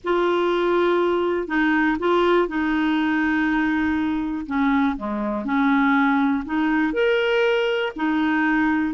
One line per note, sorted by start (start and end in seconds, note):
0.04 1.47 F4
1.47 1.97 D#4
1.99 2.47 F4
2.47 4.46 D#4
4.46 4.95 C#4
4.97 5.45 G#3
5.45 6.44 C#4
6.45 6.93 D#4
6.93 7.92 A#4
7.96 8.94 D#4